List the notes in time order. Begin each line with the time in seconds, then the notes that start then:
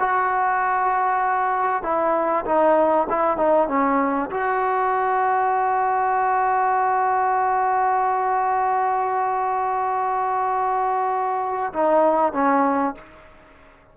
0.00 F#4
1.83 E4
2.46 D#4
3.10 E4
3.37 D#4
3.68 C#4
4.31 F#4
11.74 D#4
12.33 C#4